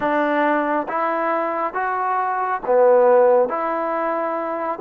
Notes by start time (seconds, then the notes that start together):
0.00 D4
0.88 E4
1.74 F#4
2.66 B3
3.49 E4